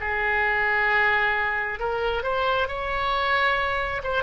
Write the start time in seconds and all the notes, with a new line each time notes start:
0.00 G#4
1.79 A#4
2.23 C5
2.67 C#5
4.03 C5